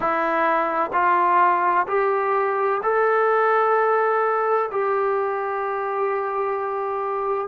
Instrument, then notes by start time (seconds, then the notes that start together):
trombone
0.00 E4
0.92 F4
1.87 G4
2.82 A4
4.71 G4